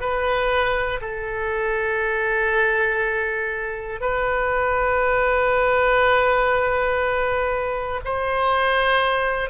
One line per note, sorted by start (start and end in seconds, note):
0.00 1.00 B4
1.01 4.01 A4
4.01 8.01 B4
8.05 9.50 C5